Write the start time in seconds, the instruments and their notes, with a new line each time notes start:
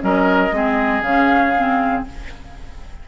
0.00 bassoon F#3, clarinet C#4, oboe A#4, flute D#5
0.52 bassoon G#3, clarinet C4, oboe G#4
1.02 bassoon C#3, clarinet C#4, flute F5
1.56 clarinet C4